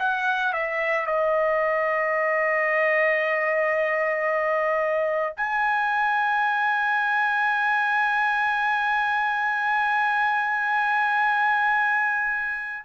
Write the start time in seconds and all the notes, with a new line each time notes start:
0.00 F#5
0.54 E5
1.06 D#5
5.37 G#5